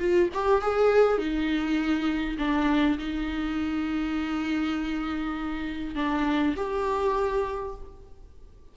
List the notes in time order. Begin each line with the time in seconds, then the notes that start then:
0.00 F4
0.34 G4
0.62 G#4
1.19 D#4
2.39 D4
2.99 D#4
5.96 D4
6.57 G4